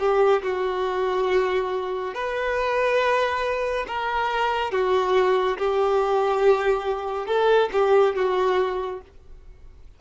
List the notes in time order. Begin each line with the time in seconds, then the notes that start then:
0.00 G4
0.43 F#4
2.15 B4
3.88 A#4
4.72 F#4
5.58 G4
7.27 A4
7.73 G4
8.16 F#4